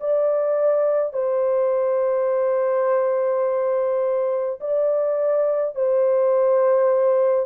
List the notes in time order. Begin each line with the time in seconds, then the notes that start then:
0.00 D5
1.13 C5
4.60 D5
5.75 C5